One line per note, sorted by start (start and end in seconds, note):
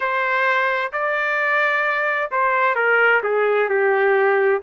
0.00 0.92 C5
0.92 2.30 D5
2.31 2.75 C5
2.75 3.21 A#4
3.23 3.69 G#4
3.69 4.61 G4